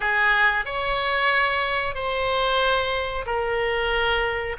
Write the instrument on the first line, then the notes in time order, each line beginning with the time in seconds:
oboe
0.00 G#4
0.65 C#5
1.94 C5
3.26 A#4